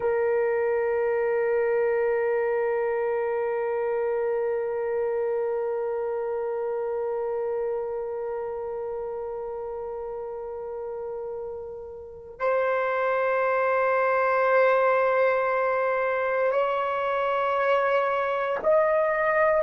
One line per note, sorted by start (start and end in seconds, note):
0.00 12.39 A#4
12.39 16.51 C5
16.51 18.58 C#5
18.63 19.63 D#5